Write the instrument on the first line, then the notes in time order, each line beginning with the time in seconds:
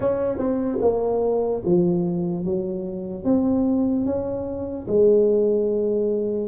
tuba
0.00 C#4
0.38 C4
0.81 A#3
1.65 F3
2.44 F#3
3.24 C4
4.05 C#4
4.87 G#3